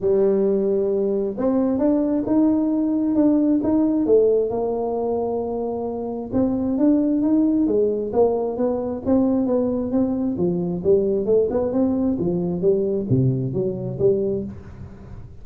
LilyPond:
\new Staff \with { instrumentName = "tuba" } { \time 4/4 \tempo 4 = 133 g2. c'4 | d'4 dis'2 d'4 | dis'4 a4 ais2~ | ais2 c'4 d'4 |
dis'4 gis4 ais4 b4 | c'4 b4 c'4 f4 | g4 a8 b8 c'4 f4 | g4 c4 fis4 g4 | }